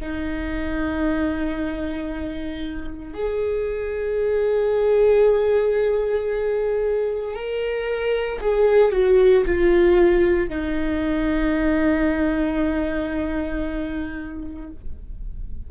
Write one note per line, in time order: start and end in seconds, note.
0.00 3.14 D#4
3.14 7.35 G#4
7.35 8.40 A#4
8.41 8.92 G#4
8.92 9.45 F#4
9.46 10.49 F4
10.49 14.70 D#4